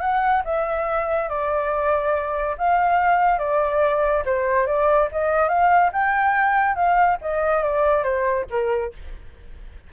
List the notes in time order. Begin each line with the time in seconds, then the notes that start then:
0.00 F#5
0.44 E5
1.29 D5
2.57 F5
3.38 D5
4.25 C5
4.66 D5
5.12 D#5
5.48 F5
5.92 G5
6.75 F5
7.21 D#5
7.63 D5
8.03 C5
8.50 A#4